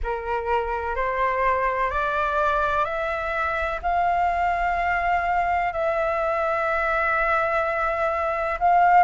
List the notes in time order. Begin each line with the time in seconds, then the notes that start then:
0.03 A#4
0.95 C5
1.90 D5
2.84 E5
3.82 F5
5.72 E5
8.59 F5